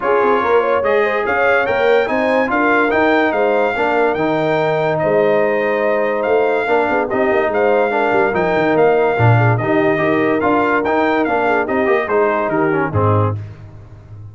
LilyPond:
<<
  \new Staff \with { instrumentName = "trumpet" } { \time 4/4 \tempo 4 = 144 cis''2 dis''4 f''4 | g''4 gis''4 f''4 g''4 | f''2 g''2 | dis''2. f''4~ |
f''4 dis''4 f''2 | g''4 f''2 dis''4~ | dis''4 f''4 g''4 f''4 | dis''4 c''4 ais'4 gis'4 | }
  \new Staff \with { instrumentName = "horn" } { \time 4/4 gis'4 ais'8 cis''4 c''8 cis''4~ | cis''4 c''4 ais'2 | c''4 ais'2. | c''1 |
ais'8 gis'8 g'4 c''4 ais'4~ | ais'2~ ais'8 gis'8 g'4 | ais'2.~ ais'8 gis'8 | g'4 gis'4 g'4 dis'4 | }
  \new Staff \with { instrumentName = "trombone" } { \time 4/4 f'2 gis'2 | ais'4 dis'4 f'4 dis'4~ | dis'4 d'4 dis'2~ | dis'1 |
d'4 dis'2 d'4 | dis'2 d'4 dis'4 | g'4 f'4 dis'4 d'4 | dis'8 g'8 dis'4. cis'8 c'4 | }
  \new Staff \with { instrumentName = "tuba" } { \time 4/4 cis'8 c'8 ais4 gis4 cis'4 | ais4 c'4 d'4 dis'4 | gis4 ais4 dis2 | gis2. a4 |
ais8 b8 c'8 ais8 gis4. g8 | f8 dis8 ais4 ais,4 dis4 | dis'4 d'4 dis'4 ais4 | c'8 ais8 gis4 dis4 gis,4 | }
>>